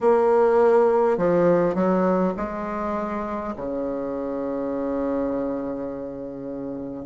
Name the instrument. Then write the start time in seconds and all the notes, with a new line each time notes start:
bassoon
0.00 A#3
1.17 F3
1.74 F#3
2.36 G#3
3.56 C#3